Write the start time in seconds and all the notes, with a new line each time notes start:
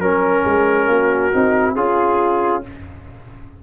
0.00 F#3 C#4 A#4
0.44 G#3 G#4
0.87 A#3 F#4
1.32 C4 D#4
1.75 C#4 F4 G#4